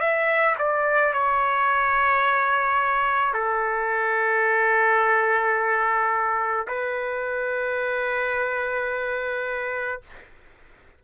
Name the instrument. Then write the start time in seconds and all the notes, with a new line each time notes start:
trumpet
0.00 E5
0.59 D5
1.13 C#5
3.33 A4
6.68 B4